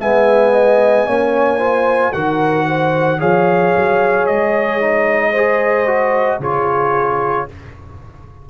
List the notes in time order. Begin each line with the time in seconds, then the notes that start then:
0.00 G#3 B3 E5 G#5
0.53 D#5
1.06 A#3 C#4 C#5
1.59 F4 C5
2.13 D#3 F#4 A#4 F#5
2.68 C5
3.19 F3 G#4 C#5 F5
3.77 F#3
4.26 G#3 D#5
4.80 D#4
5.31 G#4 C5
5.87 F#4
6.40 C#3 F4 G#4 C#5